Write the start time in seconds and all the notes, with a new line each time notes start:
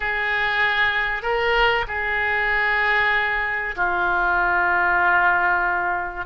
0.00 G#4
1.22 A#4
1.87 G#4
3.76 F4